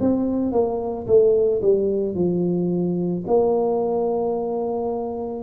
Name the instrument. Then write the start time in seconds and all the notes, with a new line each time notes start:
tuba
0.00 C4
0.52 A#3
1.07 A3
1.62 G3
2.15 F3
3.27 A#3